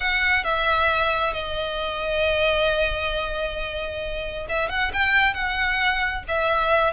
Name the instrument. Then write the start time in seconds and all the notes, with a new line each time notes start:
violin
0.00 F#5
0.44 E5
1.33 D#5
4.48 E5
4.69 F#5
4.93 G5
5.34 F#5
6.27 E5